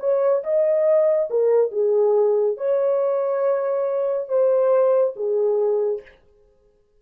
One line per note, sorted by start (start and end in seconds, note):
0.00 0.43 C#5
0.44 1.30 D#5
1.31 1.72 A#4
1.72 2.58 G#4
2.58 4.29 C#5
4.29 5.14 C5
5.16 6.02 G#4